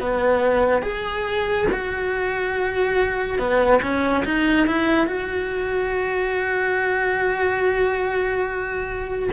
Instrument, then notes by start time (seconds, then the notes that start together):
cello
0.00 B3
0.83 G#4
1.72 F#4
3.39 B3
3.83 C#4
4.25 D#4
4.67 E4
5.07 F#4